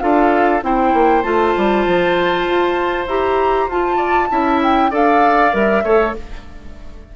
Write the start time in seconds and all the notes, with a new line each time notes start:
0.00 D4 F4 A4 F5
0.62 C4 E4 C5 G5
0.93 A#3
1.23 A3 F4 A5
1.57 G3
1.86 F3
2.46 F4
3.07 E4 G4 A#5
3.68 F4 A5
3.97 D5
4.30 C#4 E4 E5
4.63 G5
4.91 D4 A4 D5 F5
5.53 G3 A#4 E5
5.83 A3 A4 C#5